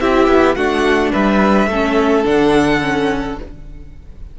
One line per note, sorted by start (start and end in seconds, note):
0.00 0.27 C4
0.00 0.57 E4
0.00 0.57 G4
0.00 0.55 E5
0.27 0.56 B3
0.55 1.13 A3
0.55 1.70 D4
0.55 1.12 F#4
0.55 1.12 F#5
1.12 1.67 G3
1.12 1.69 B4
1.12 2.26 E5
1.67 2.24 A3
1.67 2.24 C#4
1.67 3.39 A4
2.24 3.39 D3
2.24 2.81 D4
2.24 3.39 F#5
2.81 3.37 C#4